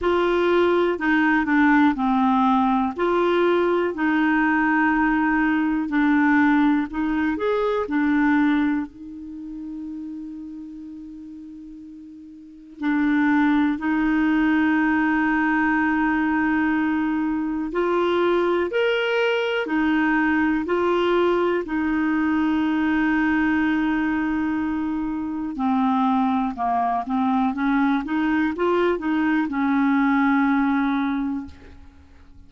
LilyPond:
\new Staff \with { instrumentName = "clarinet" } { \time 4/4 \tempo 4 = 61 f'4 dis'8 d'8 c'4 f'4 | dis'2 d'4 dis'8 gis'8 | d'4 dis'2.~ | dis'4 d'4 dis'2~ |
dis'2 f'4 ais'4 | dis'4 f'4 dis'2~ | dis'2 c'4 ais8 c'8 | cis'8 dis'8 f'8 dis'8 cis'2 | }